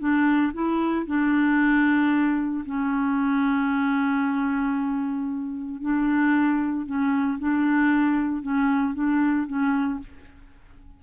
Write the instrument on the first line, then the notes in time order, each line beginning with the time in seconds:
clarinet
0.00 D4
0.54 E4
1.07 D4
2.66 C#4
5.81 D4
6.86 C#4
7.39 D4
8.42 C#4
8.94 D4
9.47 C#4